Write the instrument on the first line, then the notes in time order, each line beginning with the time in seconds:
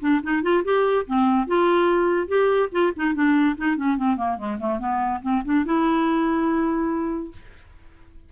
clarinet
0.00 D4
0.23 D#4
0.42 F4
0.64 G4
1.06 C4
1.47 F4
2.27 G4
2.71 F4
2.96 D#4
3.14 D4
3.57 D#4
3.76 C#4
3.97 C4
4.16 A#3
4.37 G#3
4.59 A3
4.79 B3
5.21 C4
5.44 D4
5.65 E4